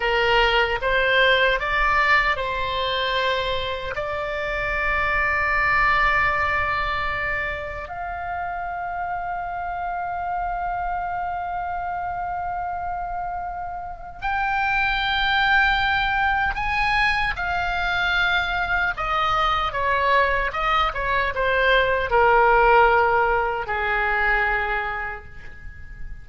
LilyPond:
\new Staff \with { instrumentName = "oboe" } { \time 4/4 \tempo 4 = 76 ais'4 c''4 d''4 c''4~ | c''4 d''2.~ | d''2 f''2~ | f''1~ |
f''2 g''2~ | g''4 gis''4 f''2 | dis''4 cis''4 dis''8 cis''8 c''4 | ais'2 gis'2 | }